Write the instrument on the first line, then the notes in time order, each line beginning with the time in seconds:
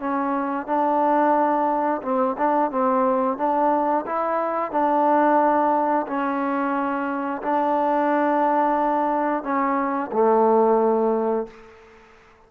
trombone
0.00 C#4
0.67 D4
2.03 C4
2.38 D4
2.71 C4
3.38 D4
4.07 E4
4.72 D4
6.07 C#4
7.42 D4
9.44 C#4
10.12 A3